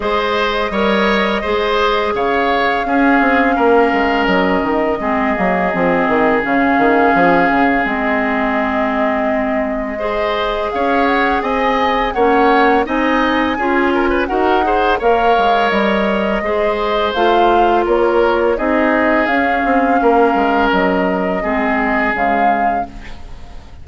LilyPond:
<<
  \new Staff \with { instrumentName = "flute" } { \time 4/4 \tempo 4 = 84 dis''2. f''4~ | f''2 dis''2~ | dis''4 f''2 dis''4~ | dis''2. f''8 fis''8 |
gis''4 fis''4 gis''2 | fis''4 f''4 dis''2 | f''4 cis''4 dis''4 f''4~ | f''4 dis''2 f''4 | }
  \new Staff \with { instrumentName = "oboe" } { \time 4/4 c''4 cis''4 c''4 cis''4 | gis'4 ais'2 gis'4~ | gis'1~ | gis'2 c''4 cis''4 |
dis''4 cis''4 dis''4 gis'8 ais'16 b'16 | ais'8 c''8 cis''2 c''4~ | c''4 ais'4 gis'2 | ais'2 gis'2 | }
  \new Staff \with { instrumentName = "clarinet" } { \time 4/4 gis'4 ais'4 gis'2 | cis'2. c'8 ais8 | c'4 cis'2 c'4~ | c'2 gis'2~ |
gis'4 cis'4 dis'4 f'4 | fis'8 gis'8 ais'2 gis'4 | f'2 dis'4 cis'4~ | cis'2 c'4 gis4 | }
  \new Staff \with { instrumentName = "bassoon" } { \time 4/4 gis4 g4 gis4 cis4 | cis'8 c'8 ais8 gis8 fis8 dis8 gis8 fis8 | f8 dis8 cis8 dis8 f8 cis8 gis4~ | gis2. cis'4 |
c'4 ais4 c'4 cis'4 | dis'4 ais8 gis8 g4 gis4 | a4 ais4 c'4 cis'8 c'8 | ais8 gis8 fis4 gis4 cis4 | }
>>